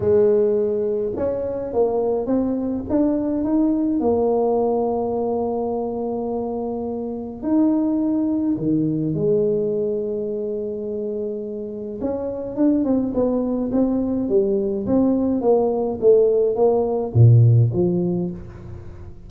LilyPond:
\new Staff \with { instrumentName = "tuba" } { \time 4/4 \tempo 4 = 105 gis2 cis'4 ais4 | c'4 d'4 dis'4 ais4~ | ais1~ | ais4 dis'2 dis4 |
gis1~ | gis4 cis'4 d'8 c'8 b4 | c'4 g4 c'4 ais4 | a4 ais4 ais,4 f4 | }